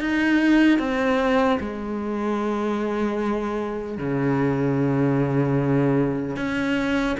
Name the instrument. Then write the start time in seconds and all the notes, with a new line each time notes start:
cello
0.00 D#4
0.79 C4
1.60 G#3
3.97 C#3
6.36 C#4